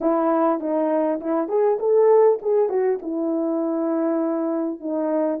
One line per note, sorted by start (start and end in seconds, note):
0.01 0.60 E4
0.60 1.20 D#4
1.20 1.48 E4
1.48 1.78 G#4
1.79 2.39 A4
2.42 2.69 G#4
2.69 2.99 F#4
3.02 4.80 E4
4.80 5.40 D#4